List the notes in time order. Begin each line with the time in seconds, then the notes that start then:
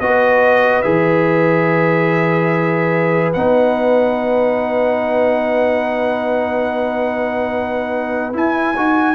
0.00 B3 F#4 B4 D#5
0.82 E3 G#4 E5
3.33 B3 D#4 F#5
8.33 E4 G#5
8.76 D#4 F#4